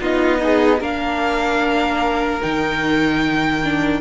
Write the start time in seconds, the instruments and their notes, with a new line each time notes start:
0.00 cello B3, viola D#4, violin F4 D#5
0.39 violin D#4, viola G#4
0.80 cello A#3, viola D4, violin A#4 F5
2.41 cello D#3, viola D#4, violin G5
3.64 viola D4